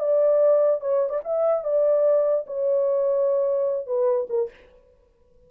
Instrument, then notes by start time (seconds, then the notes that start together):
horn
0.00 D5
0.81 C#5
1.10 D5
1.24 E5
1.64 D5
2.47 C#5
3.87 B4
4.30 A#4